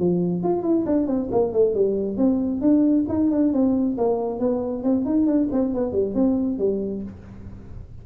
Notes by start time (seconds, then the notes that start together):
0.00 F3
0.44 F4
0.63 E4
0.86 D4
1.07 C4
1.32 A#3
1.53 A3
1.75 G3
2.18 C4
2.62 D4
3.09 D#4
3.31 D4
3.53 C4
3.98 A#3
4.40 B3
4.84 C4
5.06 D#4
5.27 D4
5.52 C4
5.74 B3
5.93 G3
6.15 C4
6.59 G3